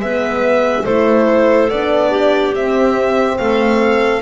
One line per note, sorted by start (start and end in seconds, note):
0.00 0.85 G#3
0.00 0.86 B3
0.00 0.84 B4
0.00 0.86 E5
0.84 1.70 A3
0.84 1.70 E4
0.84 2.10 A4
0.84 1.70 C5
1.70 2.54 B3
1.70 2.55 D4
1.70 2.54 D5
2.10 3.37 G4
2.54 3.39 C4
2.54 4.23 C4
2.54 3.38 E5
3.38 4.23 A3
3.38 4.23 A4
3.38 4.22 F5